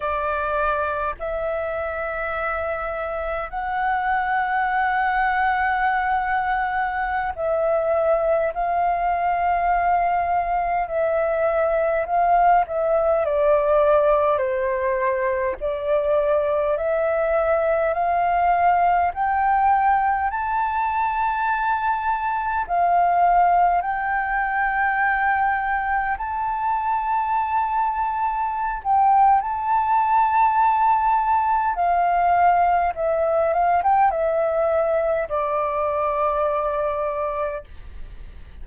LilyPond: \new Staff \with { instrumentName = "flute" } { \time 4/4 \tempo 4 = 51 d''4 e''2 fis''4~ | fis''2~ fis''16 e''4 f''8.~ | f''4~ f''16 e''4 f''8 e''8 d''8.~ | d''16 c''4 d''4 e''4 f''8.~ |
f''16 g''4 a''2 f''8.~ | f''16 g''2 a''4.~ a''16~ | a''8 g''8 a''2 f''4 | e''8 f''16 g''16 e''4 d''2 | }